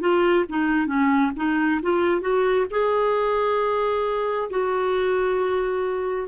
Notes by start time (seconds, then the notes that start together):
0.00 F4
0.48 D#4
0.86 C#4
1.36 D#4
1.82 F4
2.21 F#4
2.70 G#4
4.50 F#4